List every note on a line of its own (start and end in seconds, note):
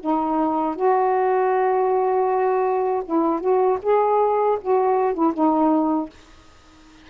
0.00 0.76 D#4
0.76 3.03 F#4
3.06 3.41 E4
3.41 3.79 F#4
3.83 4.58 G#4
4.61 5.14 F#4
5.14 5.33 E4
5.34 6.10 D#4